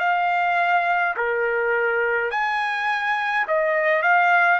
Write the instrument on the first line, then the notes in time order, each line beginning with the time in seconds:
trumpet
0.00 F5
1.16 A#4
2.31 G#5
3.48 D#5
4.03 F5